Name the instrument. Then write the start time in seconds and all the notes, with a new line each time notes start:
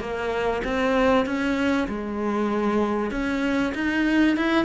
cello
0.00 A#3
0.64 C4
1.25 C#4
1.88 G#3
3.11 C#4
3.74 D#4
4.36 E4